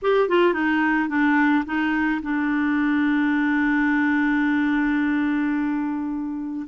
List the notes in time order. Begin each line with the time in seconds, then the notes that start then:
0.02 G4
0.29 F4
0.53 D#4
1.08 D4
1.65 D#4
2.22 D4